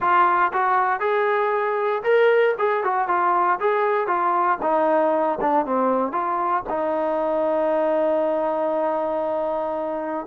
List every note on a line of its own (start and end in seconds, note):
0.00 0.52 F4
0.53 1.00 F#4
1.00 2.02 G#4
2.03 2.54 A#4
2.58 2.83 G#4
2.83 3.07 F#4
3.07 3.59 F4
3.59 4.07 G#4
4.07 4.58 F4
4.62 5.38 D#4
5.40 5.65 D4
5.65 6.12 C4
6.12 6.63 F4
6.69 10.26 D#4